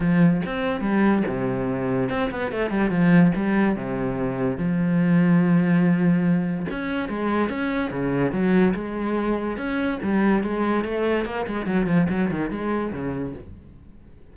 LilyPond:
\new Staff \with { instrumentName = "cello" } { \time 4/4 \tempo 4 = 144 f4 c'4 g4 c4~ | c4 c'8 b8 a8 g8 f4 | g4 c2 f4~ | f1 |
cis'4 gis4 cis'4 cis4 | fis4 gis2 cis'4 | g4 gis4 a4 ais8 gis8 | fis8 f8 fis8 dis8 gis4 cis4 | }